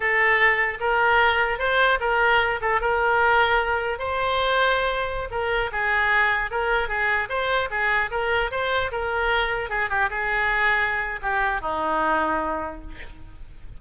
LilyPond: \new Staff \with { instrumentName = "oboe" } { \time 4/4 \tempo 4 = 150 a'2 ais'2 | c''4 ais'4. a'8 ais'4~ | ais'2 c''2~ | c''4~ c''16 ais'4 gis'4.~ gis'16~ |
gis'16 ais'4 gis'4 c''4 gis'8.~ | gis'16 ais'4 c''4 ais'4.~ ais'16~ | ais'16 gis'8 g'8 gis'2~ gis'8. | g'4 dis'2. | }